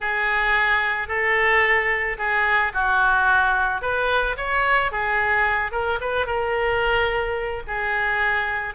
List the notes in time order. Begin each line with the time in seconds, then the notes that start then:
0.00 G#4
1.08 A4
2.18 G#4
2.73 F#4
3.81 B4
4.37 C#5
4.91 G#4
5.71 A#4
6.00 B4
6.26 A#4
7.67 G#4